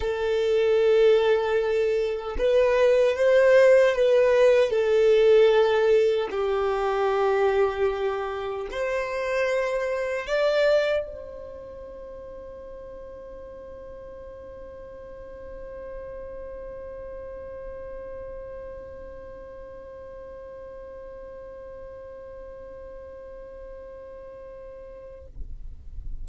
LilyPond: \new Staff \with { instrumentName = "violin" } { \time 4/4 \tempo 4 = 76 a'2. b'4 | c''4 b'4 a'2 | g'2. c''4~ | c''4 d''4 c''2~ |
c''1~ | c''1~ | c''1~ | c''1 | }